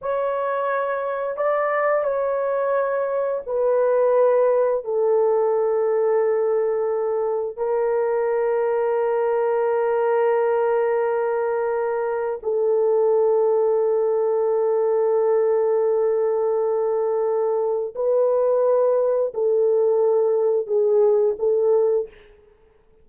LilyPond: \new Staff \with { instrumentName = "horn" } { \time 4/4 \tempo 4 = 87 cis''2 d''4 cis''4~ | cis''4 b'2 a'4~ | a'2. ais'4~ | ais'1~ |
ais'2 a'2~ | a'1~ | a'2 b'2 | a'2 gis'4 a'4 | }